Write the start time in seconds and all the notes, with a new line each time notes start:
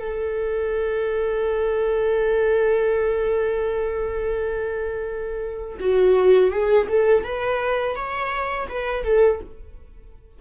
0.00 A4
5.80 F#4
6.51 G#4
6.89 A4
7.24 B4
7.96 C#5
8.69 B4
9.04 A4